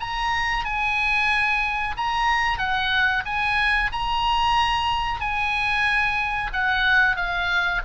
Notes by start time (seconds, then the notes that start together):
0.00 A#5
0.64 G#5
1.97 A#5
2.58 F#5
3.25 G#5
3.92 A#5
5.20 G#5
6.52 F#5
7.16 F5